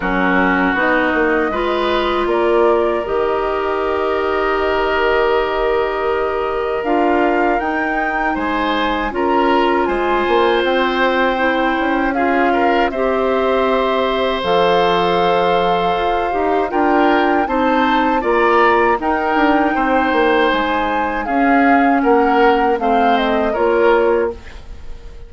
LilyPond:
<<
  \new Staff \with { instrumentName = "flute" } { \time 4/4 \tempo 4 = 79 ais'4 dis''2 d''4 | dis''1~ | dis''4 f''4 g''4 gis''4 | ais''4 gis''4 g''2 |
f''4 e''2 f''4~ | f''2 g''4 a''4 | ais''4 g''2 gis''4 | f''4 fis''4 f''8 dis''8 cis''4 | }
  \new Staff \with { instrumentName = "oboe" } { \time 4/4 fis'2 b'4 ais'4~ | ais'1~ | ais'2. c''4 | ais'4 c''2. |
gis'8 ais'8 c''2.~ | c''2 ais'4 c''4 | d''4 ais'4 c''2 | gis'4 ais'4 c''4 ais'4 | }
  \new Staff \with { instrumentName = "clarinet" } { \time 4/4 cis'4 dis'4 f'2 | g'1~ | g'4 f'4 dis'2 | f'2. e'4 |
f'4 g'2 a'4~ | a'4. g'8 f'4 dis'4 | f'4 dis'2. | cis'2 c'4 f'4 | }
  \new Staff \with { instrumentName = "bassoon" } { \time 4/4 fis4 b8 ais8 gis4 ais4 | dis1~ | dis4 d'4 dis'4 gis4 | cis'4 gis8 ais8 c'4. cis'8~ |
cis'4 c'2 f4~ | f4 f'8 dis'8 d'4 c'4 | ais4 dis'8 d'8 c'8 ais8 gis4 | cis'4 ais4 a4 ais4 | }
>>